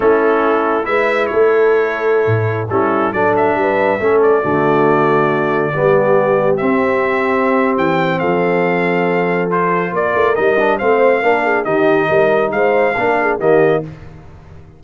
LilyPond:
<<
  \new Staff \with { instrumentName = "trumpet" } { \time 4/4 \tempo 4 = 139 a'2 e''4 cis''4~ | cis''2~ cis''16 a'4 d''8 e''16~ | e''4.~ e''16 d''2~ d''16~ | d''2.~ d''16 e''8.~ |
e''2 g''4 f''4~ | f''2 c''4 d''4 | dis''4 f''2 dis''4~ | dis''4 f''2 dis''4 | }
  \new Staff \with { instrumentName = "horn" } { \time 4/4 e'2 b'4 a'4~ | a'2~ a'16 e'4 a'8.~ | a'16 b'4 a'4 fis'4.~ fis'16~ | fis'4~ fis'16 g'2~ g'8.~ |
g'2. a'4~ | a'2. ais'4~ | ais'4 c''4 ais'8 gis'8 g'4 | ais'4 c''4 ais'8 gis'8 g'4 | }
  \new Staff \with { instrumentName = "trombone" } { \time 4/4 cis'2 e'2~ | e'2~ e'16 cis'4 d'8.~ | d'4~ d'16 cis'4 a4.~ a16~ | a4~ a16 b2 c'8.~ |
c'1~ | c'2 f'2 | dis'8 d'8 c'4 d'4 dis'4~ | dis'2 d'4 ais4 | }
  \new Staff \with { instrumentName = "tuba" } { \time 4/4 a2 gis4 a4~ | a4~ a16 a,4 g4 fis8.~ | fis16 g4 a4 d4.~ d16~ | d4~ d16 g2 c'8.~ |
c'2 e4 f4~ | f2. ais8 a8 | g4 a4 ais4 dis4 | g4 gis4 ais4 dis4 | }
>>